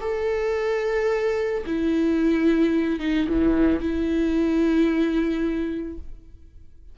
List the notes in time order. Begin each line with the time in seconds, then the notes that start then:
0.00 A4
1.66 E4
3.00 D#4
3.28 E3
3.80 E4